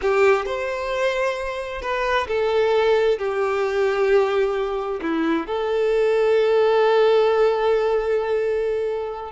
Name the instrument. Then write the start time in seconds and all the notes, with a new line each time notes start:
violin
0.01 G4
0.45 C5
1.81 B4
2.27 A4
3.18 G4
5.01 E4
5.46 A4